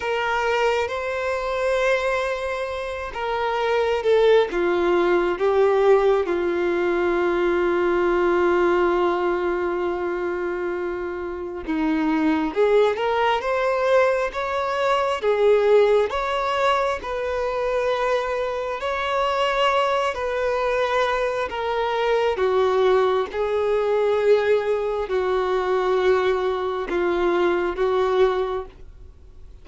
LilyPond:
\new Staff \with { instrumentName = "violin" } { \time 4/4 \tempo 4 = 67 ais'4 c''2~ c''8 ais'8~ | ais'8 a'8 f'4 g'4 f'4~ | f'1~ | f'4 dis'4 gis'8 ais'8 c''4 |
cis''4 gis'4 cis''4 b'4~ | b'4 cis''4. b'4. | ais'4 fis'4 gis'2 | fis'2 f'4 fis'4 | }